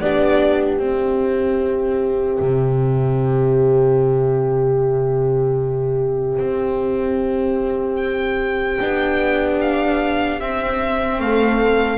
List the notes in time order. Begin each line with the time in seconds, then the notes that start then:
0.00 B3 D4 G4 D5
0.78 C4 E5
2.40 C3
6.39 C4
7.96 G5
8.80 B3 D4
9.61 F5
10.40 C4 E5
11.20 A3 A4 F5